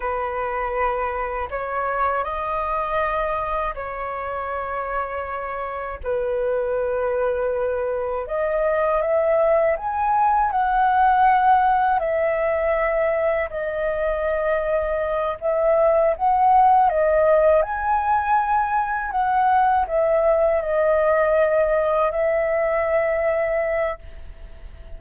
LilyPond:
\new Staff \with { instrumentName = "flute" } { \time 4/4 \tempo 4 = 80 b'2 cis''4 dis''4~ | dis''4 cis''2. | b'2. dis''4 | e''4 gis''4 fis''2 |
e''2 dis''2~ | dis''8 e''4 fis''4 dis''4 gis''8~ | gis''4. fis''4 e''4 dis''8~ | dis''4. e''2~ e''8 | }